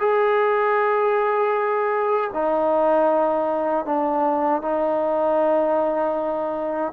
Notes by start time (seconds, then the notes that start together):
0.00 G#4
2.34 D#4
3.86 D4
4.63 D#4